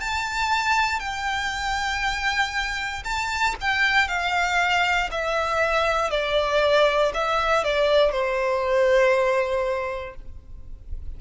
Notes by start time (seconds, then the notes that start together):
0.00 A5
1.00 G5
3.04 A5
3.61 G5
4.08 F5
5.11 E5
6.11 D5
7.14 E5
7.64 D5
8.12 C5